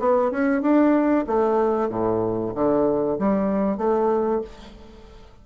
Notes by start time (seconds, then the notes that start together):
0.00 B3
0.32 C#4
0.62 D4
1.27 A3
1.89 A2
2.55 D3
3.19 G3
3.78 A3